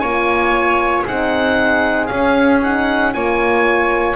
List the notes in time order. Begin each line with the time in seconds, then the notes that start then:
0.00 A#3 F4 C#5 G#5
1.05 C4 D#4 G#4 F#5
2.07 C#4 F5
2.62 D#4 F#5
3.13 A#3 F4 C#5 G#5